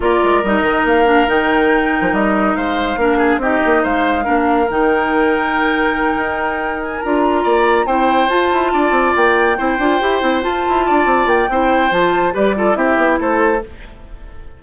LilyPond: <<
  \new Staff \with { instrumentName = "flute" } { \time 4/4 \tempo 4 = 141 d''4 dis''4 f''4 g''4~ | g''4 dis''4 f''2 | dis''4 f''2 g''4~ | g''1 |
gis''8 ais''2 g''4 a''8~ | a''4. g''2~ g''8~ | g''8 a''2 g''4. | a''4 d''4 e''4 c''4 | }
  \new Staff \with { instrumentName = "oboe" } { \time 4/4 ais'1~ | ais'2 c''4 ais'8 gis'8 | g'4 c''4 ais'2~ | ais'1~ |
ais'4. d''4 c''4.~ | c''8 d''2 c''4.~ | c''4. d''4. c''4~ | c''4 b'8 a'8 g'4 a'4 | }
  \new Staff \with { instrumentName = "clarinet" } { \time 4/4 f'4 dis'4. d'8 dis'4~ | dis'2. d'4 | dis'2 d'4 dis'4~ | dis'1~ |
dis'8 f'2 e'4 f'8~ | f'2~ f'8 e'8 f'8 g'8 | e'8 f'2~ f'8 e'4 | f'4 g'8 f'8 e'2 | }
  \new Staff \with { instrumentName = "bassoon" } { \time 4/4 ais8 gis8 g8 dis8 ais4 dis4~ | dis8. f16 g4 gis4 ais4 | c'8 ais8 gis4 ais4 dis4~ | dis2~ dis8 dis'4.~ |
dis'8 d'4 ais4 c'4 f'8 | e'8 d'8 c'8 ais4 c'8 d'8 e'8 | c'8 f'8 e'8 d'8 c'8 ais8 c'4 | f4 g4 c'8 b8 a4 | }
>>